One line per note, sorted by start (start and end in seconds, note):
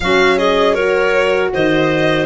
0.00 1.51 F#3
0.00 0.77 C#4
0.00 0.38 F#4
0.00 0.37 F5
0.37 0.75 G#4
0.37 0.73 D#5
0.73 2.25 F#4
0.73 1.50 A#4
0.73 1.49 C#5
1.53 2.25 D#3
1.53 2.25 C5
1.53 2.25 D#5